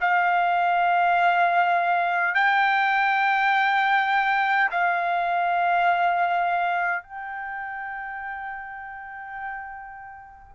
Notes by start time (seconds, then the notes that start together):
0.00 F5
2.34 G5
4.71 F5
7.03 G5